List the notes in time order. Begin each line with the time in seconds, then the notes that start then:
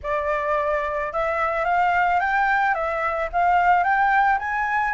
0.03 D5
1.12 E5
1.64 F5
2.20 G5
2.74 E5
3.32 F5
3.83 G5
4.39 G#5